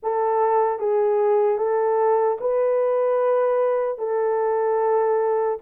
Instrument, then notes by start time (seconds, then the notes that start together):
horn
0.03 A4
0.79 G#4
1.57 A4
2.40 B4
3.98 A4